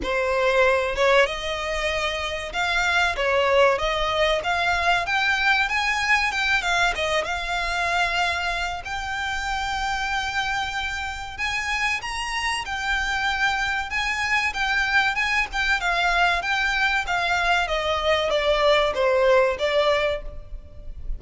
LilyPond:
\new Staff \with { instrumentName = "violin" } { \time 4/4 \tempo 4 = 95 c''4. cis''8 dis''2 | f''4 cis''4 dis''4 f''4 | g''4 gis''4 g''8 f''8 dis''8 f''8~ | f''2 g''2~ |
g''2 gis''4 ais''4 | g''2 gis''4 g''4 | gis''8 g''8 f''4 g''4 f''4 | dis''4 d''4 c''4 d''4 | }